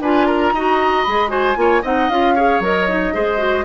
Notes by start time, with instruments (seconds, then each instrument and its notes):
0.00 bassoon D4, clarinet F4, oboe B4, flute G#5
0.26 oboe A#4, flute A#5
0.52 bassoon D#4, clarinet F#4, oboe D#5
1.03 bassoon G#3, clarinet G#4, flute B5
1.28 clarinet F#4, oboe C5, flute G#5
1.55 bassoon A#3, clarinet F4, oboe C#5
1.82 bassoon C4, clarinet D#4, oboe D#5, flute F#5
2.09 bassoon C#4, clarinet F4, flute F5
2.35 clarinet G#4, oboe C#5
2.59 bassoon F#3, clarinet A#4, flute D#5
2.88 clarinet D#4
3.13 bassoon G#3, clarinet G#4, oboe C5
3.37 clarinet F#4